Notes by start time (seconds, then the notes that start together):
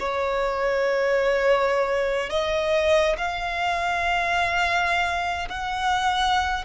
0.00 C#5
2.30 D#5
3.18 F5
5.49 F#5